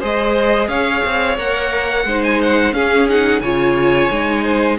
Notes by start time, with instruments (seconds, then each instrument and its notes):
0.00 cello G#3, viola G#4, violin C5 D#5
0.68 cello C#4, violin C#5 F5
1.05 cello C4
1.38 cello A#3, viola A#4, violin F#5
2.05 cello G#3, viola D#4, violin C5
2.24 violin G#5
2.43 violin F#5
2.73 cello C#4, viola C#4, violin G#4 F5
3.09 viola D#4, violin F#5
3.41 cello C#3, viola F4, violin C#5 G#5
4.10 cello G#3, viola D#4
4.44 violin C5